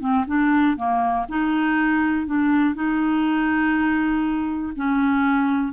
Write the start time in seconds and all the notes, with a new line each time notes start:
0.00 C4
0.27 D4
0.76 A#3
1.29 D#4
2.26 D4
2.75 D#4
4.76 C#4